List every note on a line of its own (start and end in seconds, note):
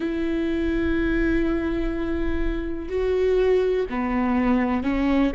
0.00 2.89 E4
2.89 3.85 F#4
3.89 4.83 B3
4.83 5.31 C#4